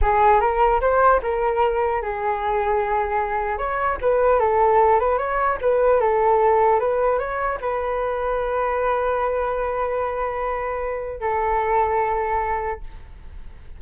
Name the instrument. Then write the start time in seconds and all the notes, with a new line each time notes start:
flute
0.01 G#4
0.40 A#4
0.81 C5
1.22 A#4
2.01 G#4
3.57 C#5
4.01 B4
4.39 A4
4.99 B4
5.18 C#5
5.61 B4
6.00 A4
6.79 B4
7.18 C#5
7.61 B4
11.20 A4